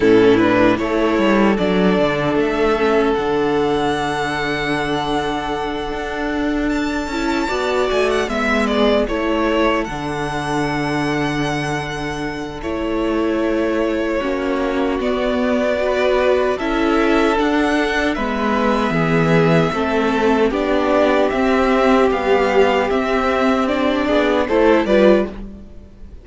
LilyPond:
<<
  \new Staff \with { instrumentName = "violin" } { \time 4/4 \tempo 4 = 76 a'8 b'8 cis''4 d''4 e''4 | fis''1~ | fis''8 a''4. gis''16 fis''16 e''8 d''8 cis''8~ | cis''8 fis''2.~ fis''8 |
cis''2. d''4~ | d''4 e''4 fis''4 e''4~ | e''2 d''4 e''4 | f''4 e''4 d''4 c''8 d''8 | }
  \new Staff \with { instrumentName = "violin" } { \time 4/4 e'4 a'2.~ | a'1~ | a'4. d''4 e''8 gis'8 a'8~ | a'1~ |
a'2 fis'2 | b'4 a'2 b'4 | gis'4 a'4 g'2~ | g'2~ g'8 gis'8 a'8 b'8 | }
  \new Staff \with { instrumentName = "viola" } { \time 4/4 cis'8 d'8 e'4 d'4. cis'8 | d'1~ | d'4 e'8 fis'4 b4 e'8~ | e'8 d'2.~ d'8 |
e'2 cis'4 b4 | fis'4 e'4 d'4 b4~ | b4 c'4 d'4 c'4 | g4 c'4 d'4 e'8 f'8 | }
  \new Staff \with { instrumentName = "cello" } { \time 4/4 a,4 a8 g8 fis8 d8 a4 | d2.~ d8 d'8~ | d'4 cis'8 b8 a8 gis4 a8~ | a8 d2.~ d8 |
a2 ais4 b4~ | b4 cis'4 d'4 gis4 | e4 a4 b4 c'4 | b4 c'4. b8 a8 g8 | }
>>